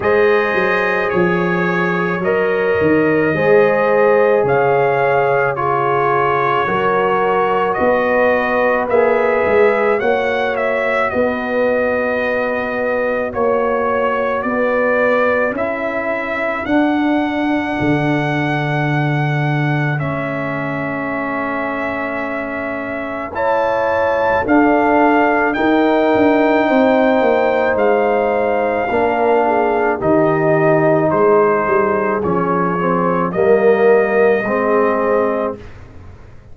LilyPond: <<
  \new Staff \with { instrumentName = "trumpet" } { \time 4/4 \tempo 4 = 54 dis''4 cis''4 dis''2 | f''4 cis''2 dis''4 | e''4 fis''8 e''8 dis''2 | cis''4 d''4 e''4 fis''4~ |
fis''2 e''2~ | e''4 a''4 f''4 g''4~ | g''4 f''2 dis''4 | c''4 cis''4 dis''2 | }
  \new Staff \with { instrumentName = "horn" } { \time 4/4 c''4 cis''2 c''4 | cis''4 gis'4 ais'4 b'4~ | b'4 cis''4 b'2 | cis''4 b'4 a'2~ |
a'1~ | a'4 cis''4 a'4 ais'4 | c''2 ais'8 gis'8 g'4 | gis'2 ais'4 gis'4 | }
  \new Staff \with { instrumentName = "trombone" } { \time 4/4 gis'2 ais'4 gis'4~ | gis'4 f'4 fis'2 | gis'4 fis'2.~ | fis'2 e'4 d'4~ |
d'2 cis'2~ | cis'4 e'4 d'4 dis'4~ | dis'2 d'4 dis'4~ | dis'4 cis'8 c'8 ais4 c'4 | }
  \new Staff \with { instrumentName = "tuba" } { \time 4/4 gis8 fis8 f4 fis8 dis8 gis4 | cis2 fis4 b4 | ais8 gis8 ais4 b2 | ais4 b4 cis'4 d'4 |
d2 a2~ | a2 d'4 dis'8 d'8 | c'8 ais8 gis4 ais4 dis4 | gis8 g8 f4 g4 gis4 | }
>>